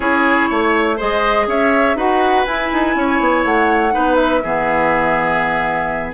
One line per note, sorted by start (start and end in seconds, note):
0.00 0.48 C#4
0.00 0.96 E4
0.00 0.49 G#4
0.00 0.98 C#5
0.49 1.00 A3
0.49 0.96 C#5
0.96 1.47 G#3
0.96 1.97 G#4
0.96 1.45 C5
0.96 1.48 D#5
1.47 1.95 C#4
1.47 1.96 C#5
1.47 1.98 E5
1.95 2.44 D#4
1.95 2.46 F#4
1.95 2.95 B4
1.95 2.45 F#5
2.45 2.71 E4
2.45 3.91 E4
2.45 3.43 G#5
2.72 2.95 D#4
2.95 3.19 C#4
2.95 3.93 C#5
3.20 3.44 B3
3.44 3.93 A3
3.44 4.15 F#5
3.91 4.44 B3
3.91 4.40 D#4
3.91 4.42 B4
4.15 6.12 E5
4.43 6.14 E3
4.43 6.14 B3
4.43 6.14 G#4